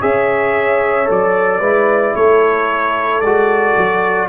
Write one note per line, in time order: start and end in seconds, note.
0.00 1.09 C#4
0.00 1.05 G#4
0.00 1.60 C#5
0.00 1.09 E5
1.05 1.61 F#3
1.05 1.59 A4
1.05 2.16 D5
1.60 2.14 G#3
1.60 3.23 E4
1.60 2.13 B4
2.15 3.22 A3
2.15 4.29 A4
2.15 3.21 C#5
3.21 3.76 G#3
3.21 4.29 F#4
3.21 4.28 D5
3.77 4.29 F#3